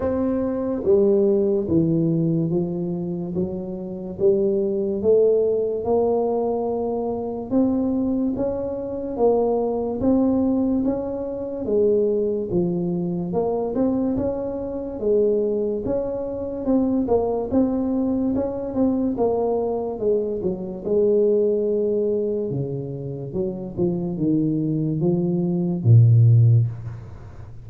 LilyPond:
\new Staff \with { instrumentName = "tuba" } { \time 4/4 \tempo 4 = 72 c'4 g4 e4 f4 | fis4 g4 a4 ais4~ | ais4 c'4 cis'4 ais4 | c'4 cis'4 gis4 f4 |
ais8 c'8 cis'4 gis4 cis'4 | c'8 ais8 c'4 cis'8 c'8 ais4 | gis8 fis8 gis2 cis4 | fis8 f8 dis4 f4 ais,4 | }